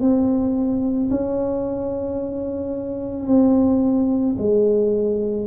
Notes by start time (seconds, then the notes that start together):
0.00 C4
1.10 C#4
3.26 C4
4.38 G#3